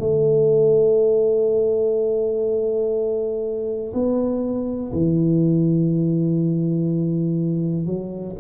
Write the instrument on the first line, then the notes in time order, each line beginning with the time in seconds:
tuba
0.00 A3
3.94 B3
4.93 E3
7.87 F#3